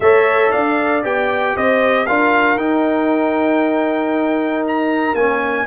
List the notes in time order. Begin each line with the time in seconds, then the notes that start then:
0.00 A3 A4 C#5 E5
0.51 D4 D5 F5
1.03 B3 G4 G5
1.55 C4 C5 D#5
2.06 D4 F4 A#4 F5
2.56 D#4 G5
4.67 A#5
5.14 A#3 C#4 G#5